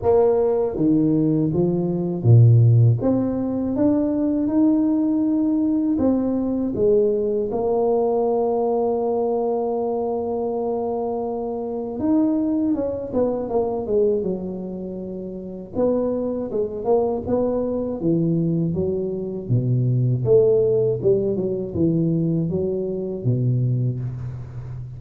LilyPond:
\new Staff \with { instrumentName = "tuba" } { \time 4/4 \tempo 4 = 80 ais4 dis4 f4 ais,4 | c'4 d'4 dis'2 | c'4 gis4 ais2~ | ais1 |
dis'4 cis'8 b8 ais8 gis8 fis4~ | fis4 b4 gis8 ais8 b4 | e4 fis4 b,4 a4 | g8 fis8 e4 fis4 b,4 | }